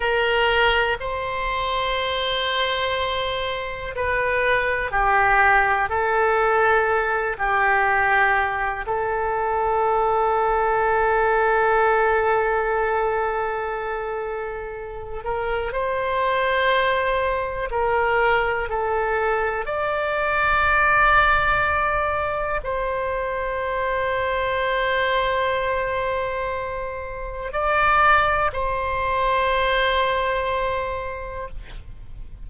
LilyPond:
\new Staff \with { instrumentName = "oboe" } { \time 4/4 \tempo 4 = 61 ais'4 c''2. | b'4 g'4 a'4. g'8~ | g'4 a'2.~ | a'2.~ a'8 ais'8 |
c''2 ais'4 a'4 | d''2. c''4~ | c''1 | d''4 c''2. | }